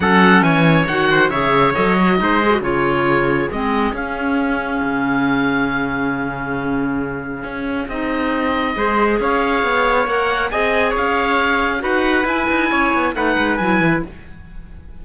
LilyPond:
<<
  \new Staff \with { instrumentName = "oboe" } { \time 4/4 \tempo 4 = 137 fis''4 gis''4 fis''4 e''4 | dis''2 cis''2 | dis''4 f''2.~ | f''1~ |
f''2 dis''2~ | dis''4 f''2 fis''4 | gis''4 f''2 fis''4 | gis''2 fis''4 gis''4 | }
  \new Staff \with { instrumentName = "trumpet" } { \time 4/4 a'4 cis''4. c''8 cis''4~ | cis''4 c''4 gis'2~ | gis'1~ | gis'1~ |
gis'1 | c''4 cis''2. | dis''4 cis''2 b'4~ | b'4 cis''4 b'2 | }
  \new Staff \with { instrumentName = "clarinet" } { \time 4/4 cis'2 fis'4 gis'4 | a'8 fis'8 dis'8 gis'16 fis'16 f'2 | c'4 cis'2.~ | cis'1~ |
cis'2 dis'2 | gis'2. ais'4 | gis'2. fis'4 | e'2 dis'4 e'4 | }
  \new Staff \with { instrumentName = "cello" } { \time 4/4 fis4 e4 dis4 cis4 | fis4 gis4 cis2 | gis4 cis'2 cis4~ | cis1~ |
cis4 cis'4 c'2 | gis4 cis'4 b4 ais4 | c'4 cis'2 dis'4 | e'8 dis'8 cis'8 b8 a8 gis8 fis8 e8 | }
>>